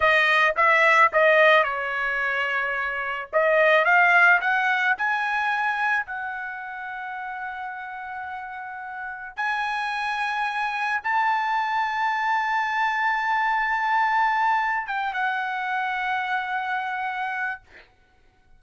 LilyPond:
\new Staff \with { instrumentName = "trumpet" } { \time 4/4 \tempo 4 = 109 dis''4 e''4 dis''4 cis''4~ | cis''2 dis''4 f''4 | fis''4 gis''2 fis''4~ | fis''1~ |
fis''4 gis''2. | a''1~ | a''2. g''8 fis''8~ | fis''1 | }